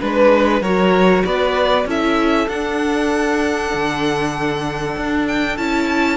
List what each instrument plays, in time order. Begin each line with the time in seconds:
0.00 cello G#3, viola D4, violin B4
0.61 cello F#3, viola F#4, violin A#4 C#5
1.25 cello B3, violin B4 D5
1.85 cello C#4, viola E4, violin A4 E5
2.48 cello D4, viola D4, violin F#5
3.73 cello D3
4.96 cello D4
5.27 violin G5
5.57 cello C#4, viola E4, violin A5